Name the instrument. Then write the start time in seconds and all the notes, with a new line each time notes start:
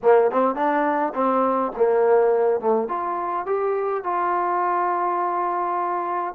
trombone
0.02 A#3
0.31 C4
0.55 D4
1.14 C4
1.76 A#3
2.60 A3
2.88 F4
3.45 G4
4.03 F4